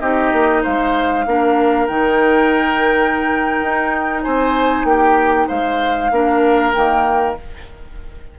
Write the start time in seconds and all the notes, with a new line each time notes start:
0.00 C4 D#4 G4 D#5
0.32 A#3
0.62 G#3 C5 F5
1.26 A#3 D4 A#4
1.87 D#3 D#4 G5
3.62 D#4
4.23 C4 C5 G#5
4.84 A#3 G4 G5
5.48 G#3 C5 F5
6.11 A#3 D4 A#4
6.73 D#3 A#3 G5